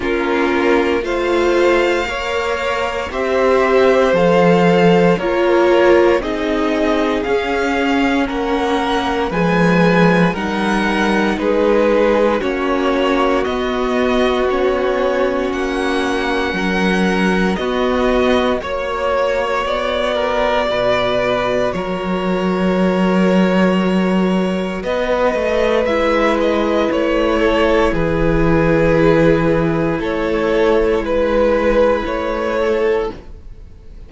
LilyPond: <<
  \new Staff \with { instrumentName = "violin" } { \time 4/4 \tempo 4 = 58 ais'4 f''2 e''4 | f''4 cis''4 dis''4 f''4 | fis''4 gis''4 fis''4 b'4 | cis''4 dis''4 cis''4 fis''4~ |
fis''4 dis''4 cis''4 d''4~ | d''4 cis''2. | dis''4 e''8 dis''8 cis''4 b'4~ | b'4 cis''4 b'4 cis''4 | }
  \new Staff \with { instrumentName = "violin" } { \time 4/4 f'4 c''4 cis''4 c''4~ | c''4 ais'4 gis'2 | ais'4 b'4 ais'4 gis'4 | fis'1 |
ais'4 fis'4 cis''4. ais'8 | b'4 ais'2. | b'2~ b'8 a'8 gis'4~ | gis'4 a'4 b'4. a'8 | }
  \new Staff \with { instrumentName = "viola" } { \time 4/4 cis'4 f'4 ais'4 g'4 | a'4 f'4 dis'4 cis'4~ | cis'4 gis4 dis'2 | cis'4 b4 cis'2~ |
cis'4 b4 fis'2~ | fis'1~ | fis'4 e'2.~ | e'1 | }
  \new Staff \with { instrumentName = "cello" } { \time 4/4 ais4 a4 ais4 c'4 | f4 ais4 c'4 cis'4 | ais4 f4 g4 gis4 | ais4 b2 ais4 |
fis4 b4 ais4 b4 | b,4 fis2. | b8 a8 gis4 a4 e4~ | e4 a4 gis4 a4 | }
>>